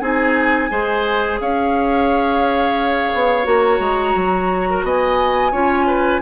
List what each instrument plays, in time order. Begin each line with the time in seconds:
0.00 bassoon C4, clarinet D#4, oboe G#4, flute G#5
0.70 bassoon G#3, clarinet G#4, oboe C5
1.41 bassoon C#4, oboe C#5, flute F5
3.13 bassoon B3
3.44 bassoon A#3, clarinet F#4, flute A#5
3.79 bassoon G#3
4.15 bassoon F#3
4.70 oboe A#4
4.83 bassoon B3, oboe D#5, flute G#5
5.52 bassoon C#4, clarinet F4, oboe C#5
5.86 oboe B4